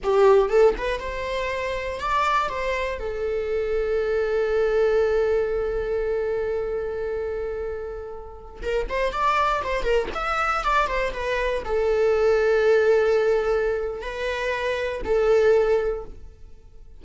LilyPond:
\new Staff \with { instrumentName = "viola" } { \time 4/4 \tempo 4 = 120 g'4 a'8 b'8 c''2 | d''4 c''4 a'2~ | a'1~ | a'1~ |
a'4~ a'16 ais'8 c''8 d''4 c''8 ais'16~ | ais'16 e''4 d''8 c''8 b'4 a'8.~ | a'1 | b'2 a'2 | }